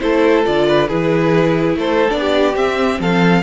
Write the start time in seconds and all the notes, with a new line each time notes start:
0.00 A3 E4 A4 C5
0.44 D3 F4 D5
0.68 B4
0.88 E3 E4 G#4 B4
1.75 A3 A4 C5
2.09 B3 D4 D5
2.20 G4
2.54 C4 E5
2.99 F3 A4 F5